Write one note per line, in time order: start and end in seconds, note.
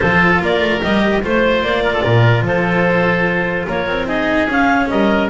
0.00 0.41 F3
0.00 0.79 F4
0.00 0.41 A4
0.00 0.37 C5
0.41 0.61 A#3
0.41 1.23 A#4
0.41 0.82 D5
0.61 0.81 A3
0.80 1.24 G3
0.80 1.21 G4
0.80 1.23 D#5
1.22 1.61 A3
1.22 4.07 F4
1.22 1.83 C5
1.22 1.63 C5
1.61 2.02 A#3
1.61 2.45 D5
1.83 1.93 A#4
1.93 2.03 A4
2.03 2.42 A#2
2.03 2.43 A#4
2.42 3.64 F3
2.42 3.66 A4
2.42 3.68 C5
3.66 3.86 A#3
3.66 4.07 A#4
3.66 4.08 C#5
3.86 4.47 C4
4.07 4.48 D#4
4.07 4.89 G#4
4.07 4.48 D#5
4.47 4.87 C#4
4.47 5.30 C#4
4.47 4.89 F5
4.89 5.30 G3
4.89 5.30 A#4
4.89 5.29 D#5